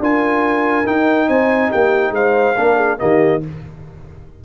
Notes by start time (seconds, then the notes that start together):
0.00 D4 F4 A#4 G#5
0.85 D#4 G5
1.29 C4 C5 G#5
1.70 A#3 G4 G5
2.11 G#3 C5 F5
2.57 A#3 D4 A#4
2.76 G#4
2.98 D#3 A#3 G4 D#5